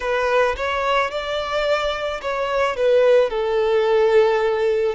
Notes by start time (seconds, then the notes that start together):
0.00 B4
0.56 C#5
1.10 D5
2.21 C#5
2.76 B4
3.30 A4